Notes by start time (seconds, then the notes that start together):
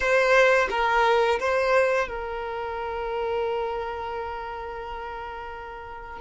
0.00 C5
0.70 A#4
1.39 C5
2.08 A#4